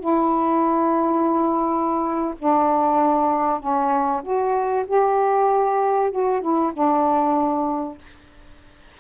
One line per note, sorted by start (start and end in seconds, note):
0.00 2.34 E4
2.39 3.60 D4
3.60 4.22 C#4
4.23 4.85 F#4
4.87 6.11 G4
6.11 6.41 F#4
6.41 6.72 E4
6.73 7.98 D4